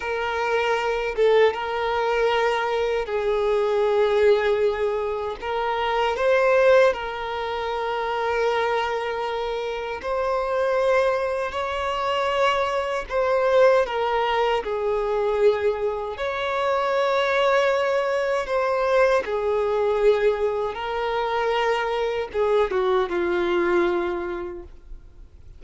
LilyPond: \new Staff \with { instrumentName = "violin" } { \time 4/4 \tempo 4 = 78 ais'4. a'8 ais'2 | gis'2. ais'4 | c''4 ais'2.~ | ais'4 c''2 cis''4~ |
cis''4 c''4 ais'4 gis'4~ | gis'4 cis''2. | c''4 gis'2 ais'4~ | ais'4 gis'8 fis'8 f'2 | }